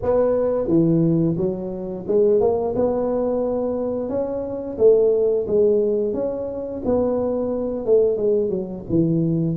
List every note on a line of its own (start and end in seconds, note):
0.02 0.67 B3
0.67 1.35 E3
1.37 2.05 F#3
2.07 2.40 G#3
2.40 2.74 A#3
2.75 4.09 B3
4.09 4.77 C#4
4.78 5.46 A3
5.47 6.13 G#3
6.13 6.81 C#4
6.85 7.85 B3
7.85 8.17 A3
8.17 8.49 G#3
8.49 8.83 F#3
8.89 9.56 E3